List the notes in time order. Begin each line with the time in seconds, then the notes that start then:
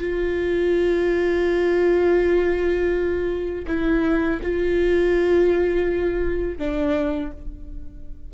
0.00 F4
3.67 E4
4.42 F4
6.59 D4